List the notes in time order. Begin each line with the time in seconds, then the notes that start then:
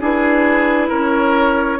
0.00 D4 E4 G#4 B4
0.89 C#4 A#4 C#5